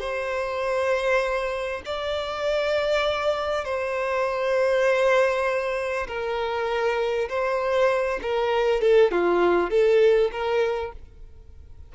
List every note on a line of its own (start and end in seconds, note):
0.00 1.82 C5
1.85 3.65 D5
3.65 6.07 C5
6.08 7.29 A#4
7.29 8.20 C5
8.22 8.81 A#4
8.81 9.11 A4
9.11 9.70 F4
9.70 10.31 A4
10.32 10.92 A#4